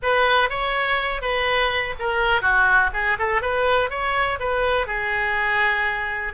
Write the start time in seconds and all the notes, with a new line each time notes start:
0.02 B4
0.49 C#5
1.21 B4
1.99 A#4
2.41 F#4
2.93 G#4
3.18 A4
3.41 B4
3.90 C#5
4.39 B4
4.86 G#4